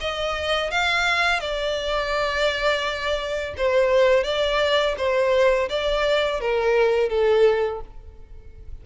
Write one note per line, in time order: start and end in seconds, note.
0.00 0.70 D#5
0.70 1.40 F5
1.40 3.54 D5
3.57 4.23 C5
4.23 4.95 D5
4.97 5.69 C5
5.69 6.40 D5
6.40 7.09 A#4
7.09 7.80 A4